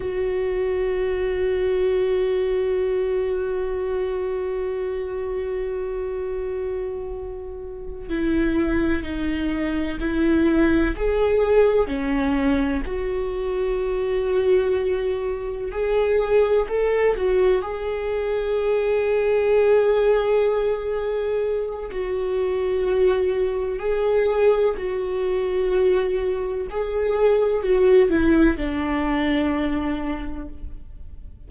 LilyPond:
\new Staff \with { instrumentName = "viola" } { \time 4/4 \tempo 4 = 63 fis'1~ | fis'1~ | fis'8 e'4 dis'4 e'4 gis'8~ | gis'8 cis'4 fis'2~ fis'8~ |
fis'8 gis'4 a'8 fis'8 gis'4.~ | gis'2. fis'4~ | fis'4 gis'4 fis'2 | gis'4 fis'8 e'8 d'2 | }